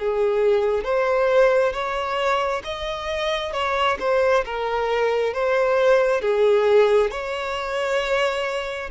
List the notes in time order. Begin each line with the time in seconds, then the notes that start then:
0.00 G#4
0.85 C5
1.73 C#5
2.65 D#5
3.53 C#5
4.00 C5
4.46 A#4
5.34 C5
6.22 G#4
7.12 C#5